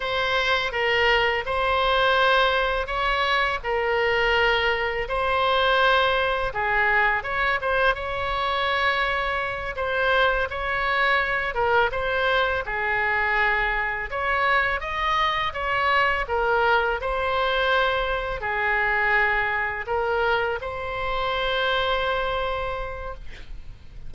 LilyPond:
\new Staff \with { instrumentName = "oboe" } { \time 4/4 \tempo 4 = 83 c''4 ais'4 c''2 | cis''4 ais'2 c''4~ | c''4 gis'4 cis''8 c''8 cis''4~ | cis''4. c''4 cis''4. |
ais'8 c''4 gis'2 cis''8~ | cis''8 dis''4 cis''4 ais'4 c''8~ | c''4. gis'2 ais'8~ | ais'8 c''2.~ c''8 | }